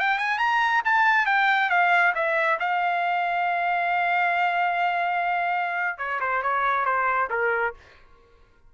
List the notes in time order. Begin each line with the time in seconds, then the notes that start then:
0.00 G5
0.19 G#5
0.39 A#5
0.85 A5
1.26 G5
1.70 F5
2.15 E5
2.60 F5
5.98 C#5
6.21 C5
6.43 C#5
6.85 C5
7.30 A#4